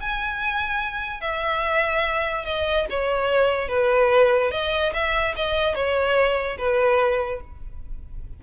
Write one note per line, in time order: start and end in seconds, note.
0.00 1.21 G#5
1.21 2.45 E5
2.45 2.86 D#5
2.90 3.68 C#5
3.68 4.51 B4
4.51 4.93 D#5
4.93 5.35 E5
5.36 5.74 D#5
5.74 6.57 C#5
6.58 7.41 B4